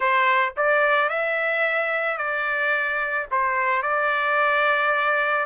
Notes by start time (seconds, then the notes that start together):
0.00 C5
0.56 D5
1.09 E5
2.17 D5
3.31 C5
3.82 D5